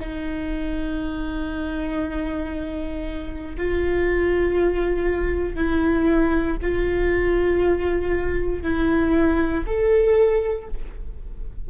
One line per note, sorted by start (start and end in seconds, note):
0.00 3.56 D#4
3.57 5.56 F4
5.56 6.57 E4
6.62 8.63 F4
8.63 9.65 E4
9.67 10.68 A4